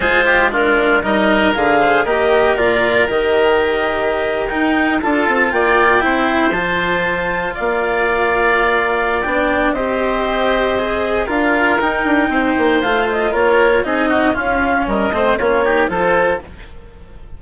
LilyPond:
<<
  \new Staff \with { instrumentName = "clarinet" } { \time 4/4 \tempo 4 = 117 c''4 ais'4 dis''4 f''4 | dis''4 d''4 dis''2~ | dis''8. g''4 a''4 g''4~ g''16~ | g''8. a''2 f''4~ f''16~ |
f''2 g''4 dis''4~ | dis''2 f''4 g''4~ | g''4 f''8 dis''8 cis''4 dis''4 | f''4 dis''4 cis''4 c''4 | }
  \new Staff \with { instrumentName = "oboe" } { \time 4/4 gis'8 g'8 f'4 ais'4. c''8 | ais'1~ | ais'4.~ ais'16 a'4 d''4 c''16~ | c''2~ c''8. d''4~ d''16~ |
d''2. c''4~ | c''2 ais'2 | c''2 ais'4 gis'8 fis'8 | f'4 ais'8 c''8 f'8 g'8 a'4 | }
  \new Staff \with { instrumentName = "cello" } { \time 4/4 f'4 d'4 dis'4 gis'4 | g'4 f'4 g'2~ | g'8. dis'4 f'2 e'16~ | e'8. f'2.~ f'16~ |
f'2 d'4 g'4~ | g'4 gis'4 f'4 dis'4~ | dis'4 f'2 dis'4 | cis'4. c'8 cis'8 dis'8 f'4 | }
  \new Staff \with { instrumentName = "bassoon" } { \time 4/4 gis2 g4 d4 | ais4 ais,4 dis2~ | dis8. dis'4 d'8 c'8 ais4 c'16~ | c'8. f2 ais4~ ais16~ |
ais2 b4 c'4~ | c'2 d'4 dis'8 d'8 | c'8 ais8 a4 ais4 c'4 | cis'4 g8 a8 ais4 f4 | }
>>